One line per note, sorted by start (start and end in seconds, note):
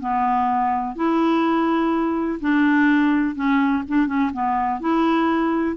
0.00 0.96 B3
0.96 2.40 E4
2.40 3.35 D4
3.35 3.83 C#4
3.88 4.07 D4
4.07 4.31 C#4
4.33 4.80 B3
4.80 5.76 E4